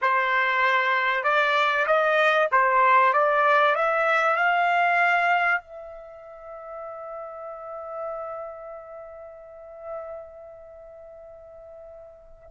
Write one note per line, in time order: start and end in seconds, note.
0.01 1.23 C5
1.23 1.86 D5
1.86 2.49 D#5
2.51 3.12 C5
3.12 3.75 D5
3.75 4.36 E5
4.36 5.61 F5
5.61 12.48 E5